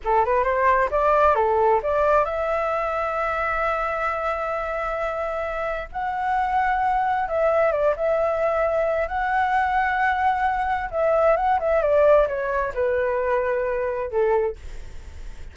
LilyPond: \new Staff \with { instrumentName = "flute" } { \time 4/4 \tempo 4 = 132 a'8 b'8 c''4 d''4 a'4 | d''4 e''2.~ | e''1~ | e''4 fis''2. |
e''4 d''8 e''2~ e''8 | fis''1 | e''4 fis''8 e''8 d''4 cis''4 | b'2. a'4 | }